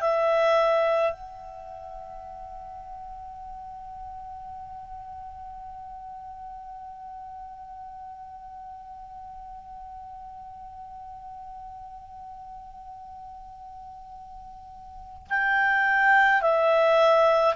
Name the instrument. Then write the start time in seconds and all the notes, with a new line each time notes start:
clarinet
0.00 E5
1.12 F#5
15.29 G5
16.41 E5